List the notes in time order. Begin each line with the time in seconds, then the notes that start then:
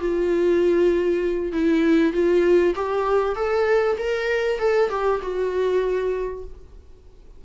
0.00 F4
1.53 E4
2.13 F4
2.76 G4
3.36 A4
3.99 A#4
4.59 A4
4.90 G4
5.22 F#4